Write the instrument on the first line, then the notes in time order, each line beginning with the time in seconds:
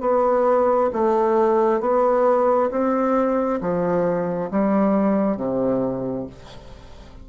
bassoon
0.00 B3
0.92 A3
1.80 B3
2.70 C4
3.61 F3
4.51 G3
5.36 C3